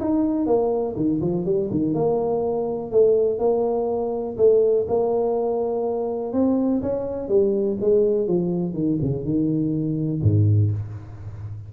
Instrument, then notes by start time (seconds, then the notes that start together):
tuba
0.00 D#4
0.47 A#3
0.96 D#3
1.21 F3
1.45 G3
1.71 D#3
1.94 A#3
2.91 A3
3.39 A#3
4.37 A3
4.88 A#3
6.33 C4
6.82 C#4
7.29 G3
7.80 G#3
8.27 F3
8.74 D#3
9.02 C#3
9.24 D#3
10.23 G#2